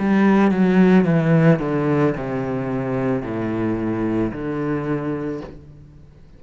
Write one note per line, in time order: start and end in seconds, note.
0.00 0.52 G3
0.52 1.05 F#3
1.05 1.60 E3
1.60 2.14 D3
2.17 3.22 C3
3.22 4.31 A2
4.32 5.41 D3